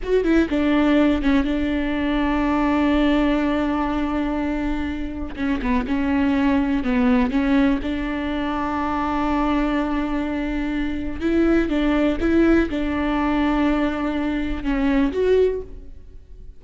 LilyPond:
\new Staff \with { instrumentName = "viola" } { \time 4/4 \tempo 4 = 123 fis'8 e'8 d'4. cis'8 d'4~ | d'1~ | d'2. cis'8 b8 | cis'2 b4 cis'4 |
d'1~ | d'2. e'4 | d'4 e'4 d'2~ | d'2 cis'4 fis'4 | }